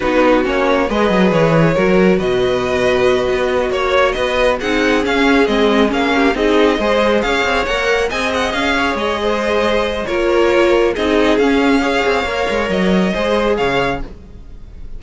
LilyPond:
<<
  \new Staff \with { instrumentName = "violin" } { \time 4/4 \tempo 4 = 137 b'4 cis''4 dis''4 cis''4~ | cis''4 dis''2.~ | dis''8 cis''4 dis''4 fis''4 f''8~ | f''8 dis''4 f''4 dis''4.~ |
dis''8 f''4 fis''4 gis''8 fis''8 f''8~ | f''8 dis''2~ dis''8 cis''4~ | cis''4 dis''4 f''2~ | f''4 dis''2 f''4 | }
  \new Staff \with { instrumentName = "violin" } { \time 4/4 fis'2 b'2 | ais'4 b'2.~ | b'8 cis''4 b'4 gis'4.~ | gis'2 g'8 gis'4 c''8~ |
c''8 cis''2 dis''4. | cis''4 c''2 ais'4~ | ais'4 gis'2 cis''4~ | cis''2 c''4 cis''4 | }
  \new Staff \with { instrumentName = "viola" } { \time 4/4 dis'4 cis'4 gis'2 | fis'1~ | fis'2~ fis'8 dis'4 cis'8~ | cis'8 c'4 cis'4 dis'4 gis'8~ |
gis'4. ais'4 gis'4.~ | gis'2. f'4~ | f'4 dis'4 cis'4 gis'4 | ais'2 gis'2 | }
  \new Staff \with { instrumentName = "cello" } { \time 4/4 b4 ais4 gis8 fis8 e4 | fis4 b,2~ b,8 b8~ | b8 ais4 b4 c'4 cis'8~ | cis'8 gis4 ais4 c'4 gis8~ |
gis8 cis'8 c'8 ais4 c'4 cis'8~ | cis'8 gis2~ gis8 ais4~ | ais4 c'4 cis'4. c'8 | ais8 gis8 fis4 gis4 cis4 | }
>>